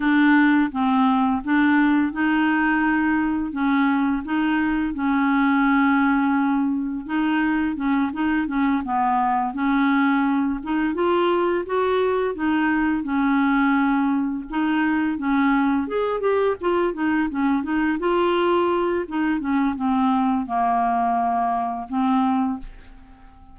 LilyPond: \new Staff \with { instrumentName = "clarinet" } { \time 4/4 \tempo 4 = 85 d'4 c'4 d'4 dis'4~ | dis'4 cis'4 dis'4 cis'4~ | cis'2 dis'4 cis'8 dis'8 | cis'8 b4 cis'4. dis'8 f'8~ |
f'8 fis'4 dis'4 cis'4.~ | cis'8 dis'4 cis'4 gis'8 g'8 f'8 | dis'8 cis'8 dis'8 f'4. dis'8 cis'8 | c'4 ais2 c'4 | }